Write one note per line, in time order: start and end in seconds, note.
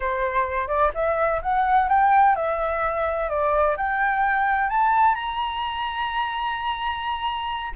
0.00 0.67 C5
0.67 0.91 D5
0.94 1.41 E5
1.42 1.88 F#5
1.88 2.35 G5
2.35 3.29 E5
3.29 3.76 D5
3.76 4.69 G5
4.69 5.15 A5
5.15 7.72 A#5